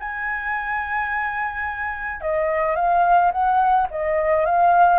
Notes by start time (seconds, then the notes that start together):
0.00 G#5
2.21 D#5
2.76 F5
3.32 F#5
3.91 D#5
4.46 F5